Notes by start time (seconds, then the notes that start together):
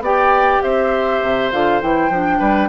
0.00 B3 G4 D5 G5
0.63 C4 C5 E5
1.23 C3
1.52 D3 F4 F5
1.81 E3 E4 G5
2.10 F3 D4
2.39 G3 B4